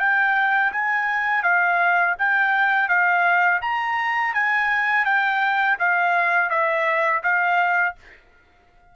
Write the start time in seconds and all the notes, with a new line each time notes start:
0.00 G5
0.73 G#5
1.44 F5
2.19 G5
2.89 F5
3.62 A#5
4.34 G#5
5.06 G5
5.80 F5
6.50 E5
7.24 F5